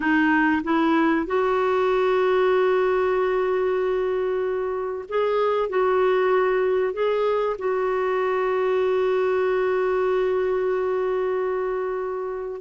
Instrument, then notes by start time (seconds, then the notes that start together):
clarinet
0.00 D#4
0.63 E4
1.26 F#4
5.08 G#4
5.69 F#4
6.93 G#4
7.58 F#4